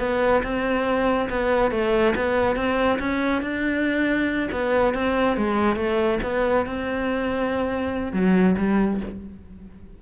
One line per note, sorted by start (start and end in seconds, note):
0.00 0.43 B3
0.44 1.29 C4
1.30 1.72 B3
1.72 2.14 A3
2.16 2.56 B3
2.56 2.99 C4
2.99 3.42 C#4
3.42 4.50 D4
4.52 4.94 B3
4.94 5.37 C4
5.37 5.76 G#3
5.76 6.19 A3
6.23 6.66 B3
6.67 8.13 C4
8.13 8.56 F#3
8.58 9.01 G3